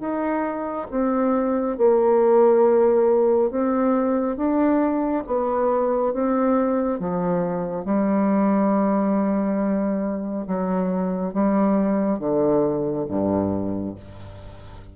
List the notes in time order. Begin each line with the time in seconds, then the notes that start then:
0.00 D#4
0.91 C4
1.77 A#3
3.51 C4
4.37 D4
5.26 B3
6.14 C4
6.99 F3
7.85 G3
10.47 F#3
11.34 G3
12.19 D3
13.09 G2